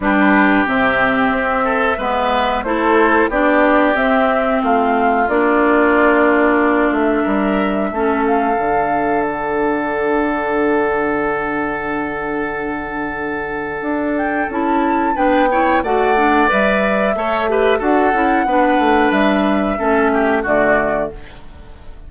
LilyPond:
<<
  \new Staff \with { instrumentName = "flute" } { \time 4/4 \tempo 4 = 91 b'4 e''2. | c''4 d''4 e''4 f''4 | d''2~ d''8 e''4.~ | e''8 f''4. fis''2~ |
fis''1~ | fis''4. g''8 a''4 g''4 | fis''4 e''2 fis''4~ | fis''4 e''2 d''4 | }
  \new Staff \with { instrumentName = "oboe" } { \time 4/4 g'2~ g'8 a'8 b'4 | a'4 g'2 f'4~ | f'2. ais'4 | a'1~ |
a'1~ | a'2. b'8 cis''8 | d''2 cis''8 b'8 a'4 | b'2 a'8 g'8 fis'4 | }
  \new Staff \with { instrumentName = "clarinet" } { \time 4/4 d'4 c'2 b4 | e'4 d'4 c'2 | d'1 | cis'4 d'2.~ |
d'1~ | d'2 e'4 d'8 e'8 | fis'8 d'8 b'4 a'8 g'8 fis'8 e'8 | d'2 cis'4 a4 | }
  \new Staff \with { instrumentName = "bassoon" } { \time 4/4 g4 c4 c'4 gis4 | a4 b4 c'4 a4 | ais2~ ais8 a8 g4 | a4 d2.~ |
d1~ | d4 d'4 cis'4 b4 | a4 g4 a4 d'8 cis'8 | b8 a8 g4 a4 d4 | }
>>